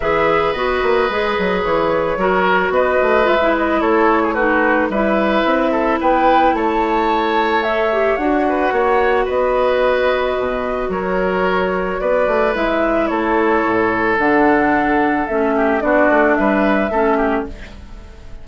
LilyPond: <<
  \new Staff \with { instrumentName = "flute" } { \time 4/4 \tempo 4 = 110 e''4 dis''2 cis''4~ | cis''4 dis''4 e''8 dis''8 cis''4 | b'4 e''2 g''4 | a''2 e''4 fis''4~ |
fis''4 dis''2. | cis''2 d''4 e''4 | cis''2 fis''2 | e''4 d''4 e''2 | }
  \new Staff \with { instrumentName = "oboe" } { \time 4/4 b'1 | ais'4 b'2 a'8. gis'16 | fis'4 b'4. a'8 b'4 | cis''2.~ cis''8 b'8 |
cis''4 b'2. | ais'2 b'2 | a'1~ | a'8 g'8 fis'4 b'4 a'8 g'8 | }
  \new Staff \with { instrumentName = "clarinet" } { \time 4/4 gis'4 fis'4 gis'2 | fis'2 f'16 e'4.~ e'16 | dis'4 e'2.~ | e'2 a'8 g'8 fis'4~ |
fis'1~ | fis'2. e'4~ | e'2 d'2 | cis'4 d'2 cis'4 | }
  \new Staff \with { instrumentName = "bassoon" } { \time 4/4 e4 b8 ais8 gis8 fis8 e4 | fis4 b8 a8 gis4 a4~ | a4 g4 c'4 b4 | a2. d'4 |
ais4 b2 b,4 | fis2 b8 a8 gis4 | a4 a,4 d2 | a4 b8 a8 g4 a4 | }
>>